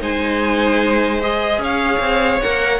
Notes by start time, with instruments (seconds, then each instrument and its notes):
0.00 cello G#3, viola D#4, violin C5 G#5
1.20 viola G#4, violin D#5
1.58 cello C#4, violin C#5 F5
1.99 cello C4
2.41 cello A#3, viola A#4, violin F#5